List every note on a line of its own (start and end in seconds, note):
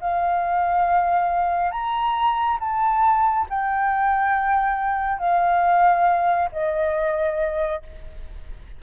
0.00 1.71 F5
1.71 2.58 A#5
2.59 3.46 A5
3.49 5.19 G5
5.19 6.49 F5
6.51 7.82 D#5